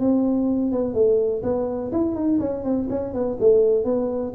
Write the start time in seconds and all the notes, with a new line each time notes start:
0.00 C4
0.72 B3
0.94 A3
1.43 B3
1.92 E4
2.16 D#4
2.40 C#4
2.64 C4
2.90 C#4
3.14 B3
3.40 A3
3.85 B3